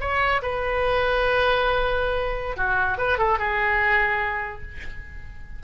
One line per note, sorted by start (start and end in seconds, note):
0.00 0.41 C#5
0.42 2.56 B4
2.56 2.97 F#4
2.98 3.18 B4
3.18 3.38 A4
3.38 4.61 G#4